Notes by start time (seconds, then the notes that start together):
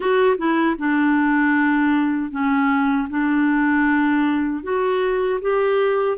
0.00 F#4
0.37 E4
0.78 D4
2.31 C#4
3.09 D4
4.63 F#4
5.41 G4